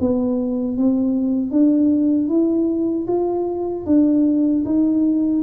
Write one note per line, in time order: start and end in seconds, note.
0.00 0.78 B3
0.78 1.51 C4
1.51 2.29 D4
2.29 3.07 E4
3.07 3.85 F4
3.86 4.64 D4
4.65 5.43 D#4